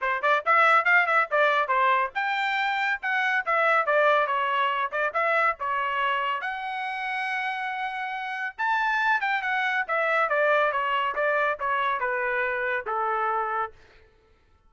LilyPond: \new Staff \with { instrumentName = "trumpet" } { \time 4/4 \tempo 4 = 140 c''8 d''8 e''4 f''8 e''8 d''4 | c''4 g''2 fis''4 | e''4 d''4 cis''4. d''8 | e''4 cis''2 fis''4~ |
fis''1 | a''4. g''8 fis''4 e''4 | d''4 cis''4 d''4 cis''4 | b'2 a'2 | }